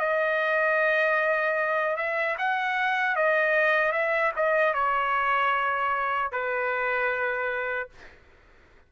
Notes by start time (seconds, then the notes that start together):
0.00 D#5
1.97 E5
2.39 F#5
3.16 D#5
3.93 E5
4.37 D#5
4.74 C#5
6.32 B4